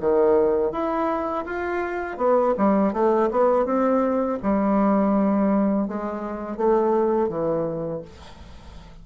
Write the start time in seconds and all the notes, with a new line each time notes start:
0.00 D#3
0.72 E4
1.45 F4
2.17 B3
2.57 G3
2.93 A3
3.31 B3
3.65 C4
4.42 G3
5.88 G#3
6.57 A3
7.28 E3